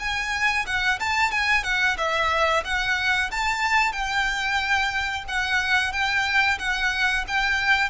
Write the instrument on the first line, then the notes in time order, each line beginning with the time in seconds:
violin
0.00 G#5
0.67 F#5
1.00 A5
1.32 G#5
1.64 F#5
1.98 E5
2.65 F#5
3.31 A5
3.93 G5
5.28 F#5
5.93 G5
6.59 F#5
7.28 G5